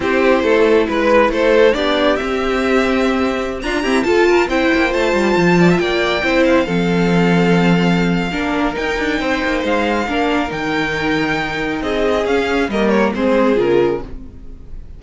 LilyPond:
<<
  \new Staff \with { instrumentName = "violin" } { \time 4/4 \tempo 4 = 137 c''2 b'4 c''4 | d''4 e''2.~ | e''16 ais''4 a''4 g''4 a''8.~ | a''4~ a''16 g''4. f''4~ f''16~ |
f''1 | g''2 f''2 | g''2. dis''4 | f''4 dis''8 cis''8 c''4 ais'4 | }
  \new Staff \with { instrumentName = "violin" } { \time 4/4 g'4 a'4 b'4 a'4 | g'1~ | g'16 f'8 g'8 a'8 ais'8 c''4.~ c''16~ | c''8. d''16 e''16 d''4 c''4 a'8.~ |
a'2. ais'4~ | ais'4 c''2 ais'4~ | ais'2. gis'4~ | gis'4 ais'4 gis'2 | }
  \new Staff \with { instrumentName = "viola" } { \time 4/4 e'1 | d'4 c'2.~ | c'16 d'8 c'8 f'4 e'4 f'8.~ | f'2~ f'16 e'4 c'8.~ |
c'2. d'4 | dis'2. d'4 | dis'1 | cis'4 ais4 c'4 f'4 | }
  \new Staff \with { instrumentName = "cello" } { \time 4/4 c'4 a4 gis4 a4 | b4 c'2.~ | c'16 d'8 e'8 f'4 c'8 ais8 a8 g16~ | g16 f4 ais4 c'4 f8.~ |
f2. ais4 | dis'8 d'8 c'8 ais8 gis4 ais4 | dis2. c'4 | cis'4 g4 gis4 cis4 | }
>>